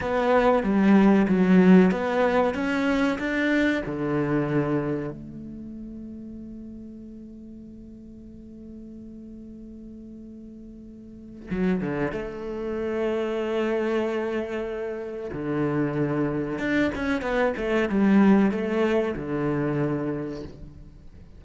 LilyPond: \new Staff \with { instrumentName = "cello" } { \time 4/4 \tempo 4 = 94 b4 g4 fis4 b4 | cis'4 d'4 d2 | a1~ | a1~ |
a2 fis8 d8 a4~ | a1 | d2 d'8 cis'8 b8 a8 | g4 a4 d2 | }